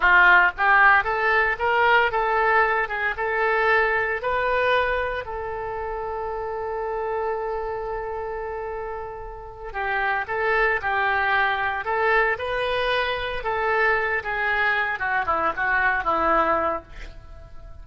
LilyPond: \new Staff \with { instrumentName = "oboe" } { \time 4/4 \tempo 4 = 114 f'4 g'4 a'4 ais'4 | a'4. gis'8 a'2 | b'2 a'2~ | a'1~ |
a'2~ a'8 g'4 a'8~ | a'8 g'2 a'4 b'8~ | b'4. a'4. gis'4~ | gis'8 fis'8 e'8 fis'4 e'4. | }